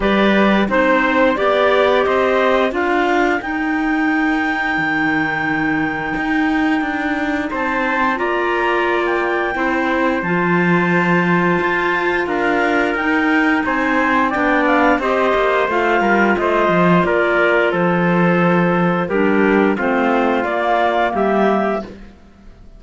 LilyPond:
<<
  \new Staff \with { instrumentName = "clarinet" } { \time 4/4 \tempo 4 = 88 d''4 c''4 d''4 dis''4 | f''4 g''2.~ | g''2. a''4 | ais''4~ ais''16 g''4.~ g''16 a''4~ |
a''2 f''4 g''4 | gis''4 g''8 f''8 dis''4 f''4 | dis''4 d''4 c''2 | ais'4 c''4 d''4 e''4 | }
  \new Staff \with { instrumentName = "trumpet" } { \time 4/4 b'4 c''4 d''4 c''4 | ais'1~ | ais'2. c''4 | d''2 c''2~ |
c''2 ais'2 | c''4 d''4 c''4. ais'8 | c''4 ais'4 a'2 | g'4 f'2 g'4 | }
  \new Staff \with { instrumentName = "clarinet" } { \time 4/4 g'4 dis'4 g'2 | f'4 dis'2.~ | dis'1 | f'2 e'4 f'4~ |
f'2. dis'4~ | dis'4 d'4 g'4 f'4~ | f'1 | d'4 c'4 ais2 | }
  \new Staff \with { instrumentName = "cello" } { \time 4/4 g4 c'4 b4 c'4 | d'4 dis'2 dis4~ | dis4 dis'4 d'4 c'4 | ais2 c'4 f4~ |
f4 f'4 d'4 dis'4 | c'4 b4 c'8 ais8 a8 g8 | a8 f8 ais4 f2 | g4 a4 ais4 g4 | }
>>